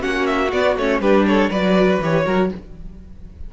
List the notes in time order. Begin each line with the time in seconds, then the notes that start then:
0.00 A#3 C#4 F#4 F#5
0.27 E5
0.53 B3 D5
0.77 A3 C#4 C#5
1.00 G3 D4 G4 B4
1.27 A4 C#5
1.50 F#3 F#4 B4 D5
2.02 E3 G4 C#5
2.26 F#3 F#4 A#4